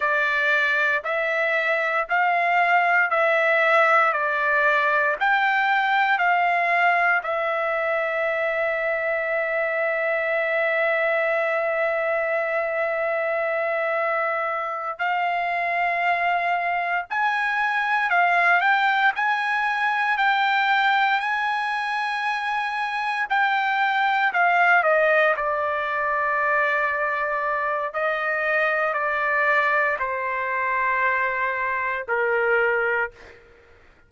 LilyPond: \new Staff \with { instrumentName = "trumpet" } { \time 4/4 \tempo 4 = 58 d''4 e''4 f''4 e''4 | d''4 g''4 f''4 e''4~ | e''1~ | e''2~ e''8 f''4.~ |
f''8 gis''4 f''8 g''8 gis''4 g''8~ | g''8 gis''2 g''4 f''8 | dis''8 d''2~ d''8 dis''4 | d''4 c''2 ais'4 | }